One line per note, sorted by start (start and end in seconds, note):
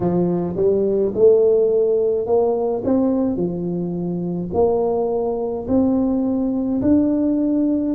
0.00 0.55 F3
0.56 1.13 G3
1.14 2.26 A3
2.26 2.83 A#3
2.84 3.36 C4
3.36 4.49 F3
4.53 5.66 A#3
5.68 6.81 C4
6.81 7.95 D4